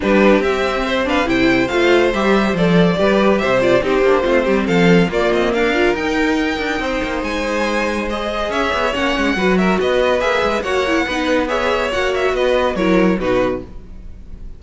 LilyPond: <<
  \new Staff \with { instrumentName = "violin" } { \time 4/4 \tempo 4 = 141 b'4 e''4. f''8 g''4 | f''4 e''4 d''2 | e''8 d''8 c''2 f''4 | d''8 dis''8 f''4 g''2~ |
g''4 gis''2 dis''4 | e''4 fis''4. e''8 dis''4 | e''4 fis''2 e''4 | fis''8 e''8 dis''4 cis''4 b'4 | }
  \new Staff \with { instrumentName = "violin" } { \time 4/4 g'2 c''8 b'8 c''4~ | c''2. b'4 | c''4 g'4 f'8 g'8 a'4 | f'4 ais'2. |
c''1 | cis''2 b'8 ais'8 b'4~ | b'4 cis''4 b'4 cis''4~ | cis''4 b'4 ais'4 fis'4 | }
  \new Staff \with { instrumentName = "viola" } { \time 4/4 d'4 c'4. d'8 e'4 | f'4 g'4 a'4 g'4~ | g'8 f'8 dis'8 d'8 c'2 | ais4. f'8 dis'2~ |
dis'2. gis'4~ | gis'4 cis'4 fis'2 | gis'4 fis'8 e'8 dis'4 gis'4 | fis'2 e'4 dis'4 | }
  \new Staff \with { instrumentName = "cello" } { \time 4/4 g4 c'2 c4 | a4 g4 f4 g4 | c4 c'8 ais8 a8 g8 f4 | ais8 c'8 d'4 dis'4. d'8 |
c'8 ais8 gis2. | cis'8 b8 ais8 gis8 fis4 b4 | ais8 gis8 ais4 b2 | ais4 b4 fis4 b,4 | }
>>